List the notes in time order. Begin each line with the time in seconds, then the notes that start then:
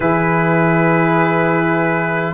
0.00 E3 E4 G#4 B4